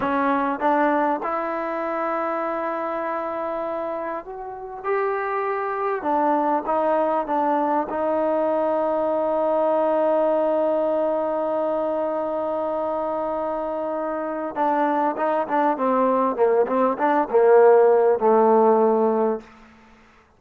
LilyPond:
\new Staff \with { instrumentName = "trombone" } { \time 4/4 \tempo 4 = 99 cis'4 d'4 e'2~ | e'2. fis'4 | g'2 d'4 dis'4 | d'4 dis'2.~ |
dis'1~ | dis'1 | d'4 dis'8 d'8 c'4 ais8 c'8 | d'8 ais4. a2 | }